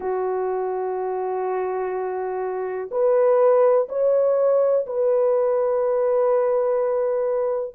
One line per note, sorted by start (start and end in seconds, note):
0.00 2.90 F#4
2.91 3.88 B4
3.88 4.85 C#5
4.86 7.75 B4